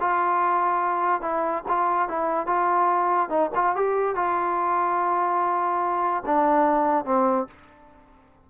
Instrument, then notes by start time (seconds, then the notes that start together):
trombone
0.00 F4
1.21 E4
1.68 F4
2.08 E4
2.46 F4
3.29 D#4
3.55 F4
3.75 G4
4.15 F4
6.26 D4
7.05 C4